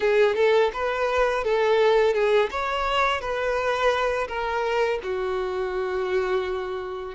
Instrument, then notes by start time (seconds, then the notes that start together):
violin
0.00 G#4
0.35 A4
0.73 B4
1.44 A4
2.14 G#4
2.51 C#5
3.20 B4
4.28 A#4
5.02 F#4